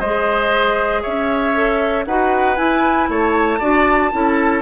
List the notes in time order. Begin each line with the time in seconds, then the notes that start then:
0.00 G#3 G#4 C5 D#5
1.03 C#4 C#5 E5
1.54 A4
2.06 D#4 F#4 B4 F#5
2.57 E4 G#5
3.09 A3 C#5 A5
3.60 D4 F#4 D5
4.12 C#4 E4 A4